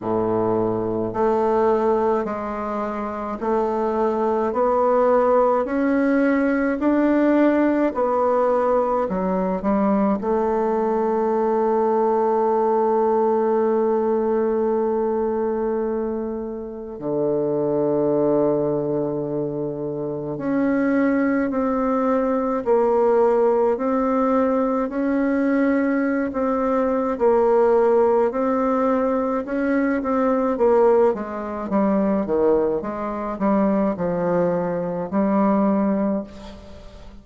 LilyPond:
\new Staff \with { instrumentName = "bassoon" } { \time 4/4 \tempo 4 = 53 a,4 a4 gis4 a4 | b4 cis'4 d'4 b4 | fis8 g8 a2.~ | a2. d4~ |
d2 cis'4 c'4 | ais4 c'4 cis'4~ cis'16 c'8. | ais4 c'4 cis'8 c'8 ais8 gis8 | g8 dis8 gis8 g8 f4 g4 | }